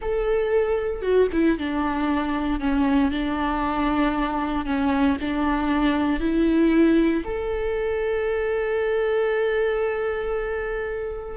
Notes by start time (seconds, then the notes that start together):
0.01 A4
1.01 F#4
1.32 E4
1.58 D4
2.60 C#4
3.11 D4
4.65 C#4
5.21 D4
6.20 E4
7.24 A4